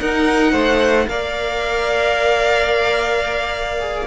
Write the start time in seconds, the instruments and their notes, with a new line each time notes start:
0.00 viola D#4, cello D#4, violin A#4 F#5
0.52 cello A3, violin C5
1.08 cello A#3, viola A#4, violin D5 F5
3.81 viola G#4